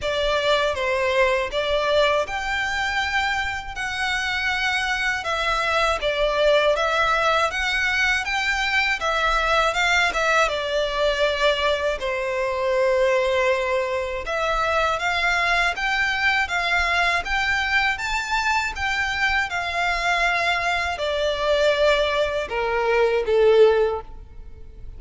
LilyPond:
\new Staff \with { instrumentName = "violin" } { \time 4/4 \tempo 4 = 80 d''4 c''4 d''4 g''4~ | g''4 fis''2 e''4 | d''4 e''4 fis''4 g''4 | e''4 f''8 e''8 d''2 |
c''2. e''4 | f''4 g''4 f''4 g''4 | a''4 g''4 f''2 | d''2 ais'4 a'4 | }